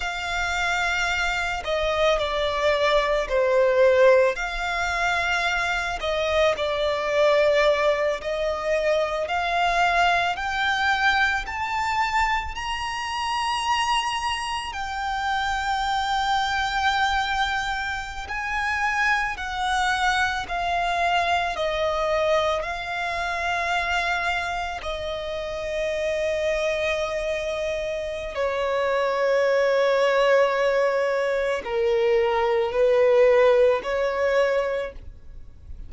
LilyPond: \new Staff \with { instrumentName = "violin" } { \time 4/4 \tempo 4 = 55 f''4. dis''8 d''4 c''4 | f''4. dis''8 d''4. dis''8~ | dis''8 f''4 g''4 a''4 ais''8~ | ais''4. g''2~ g''8~ |
g''8. gis''4 fis''4 f''4 dis''16~ | dis''8. f''2 dis''4~ dis''16~ | dis''2 cis''2~ | cis''4 ais'4 b'4 cis''4 | }